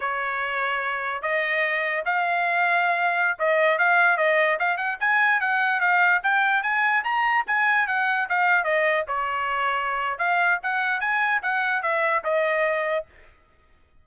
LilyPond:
\new Staff \with { instrumentName = "trumpet" } { \time 4/4 \tempo 4 = 147 cis''2. dis''4~ | dis''4 f''2.~ | f''16 dis''4 f''4 dis''4 f''8 fis''16~ | fis''16 gis''4 fis''4 f''4 g''8.~ |
g''16 gis''4 ais''4 gis''4 fis''8.~ | fis''16 f''4 dis''4 cis''4.~ cis''16~ | cis''4 f''4 fis''4 gis''4 | fis''4 e''4 dis''2 | }